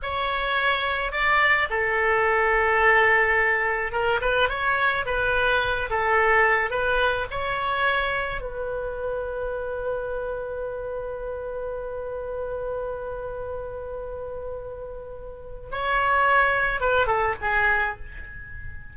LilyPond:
\new Staff \with { instrumentName = "oboe" } { \time 4/4 \tempo 4 = 107 cis''2 d''4 a'4~ | a'2. ais'8 b'8 | cis''4 b'4. a'4. | b'4 cis''2 b'4~ |
b'1~ | b'1~ | b'1 | cis''2 b'8 a'8 gis'4 | }